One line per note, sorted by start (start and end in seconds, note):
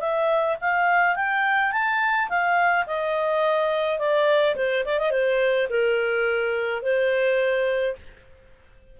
0.00 0.57 E5
0.61 1.16 F5
1.16 1.72 G5
1.72 2.29 A5
2.29 2.86 F5
2.86 3.99 D#5
3.99 4.55 D5
4.56 4.84 C5
4.85 4.99 D5
4.99 5.11 D#5
5.11 5.68 C5
5.70 6.83 A#4
6.83 7.96 C5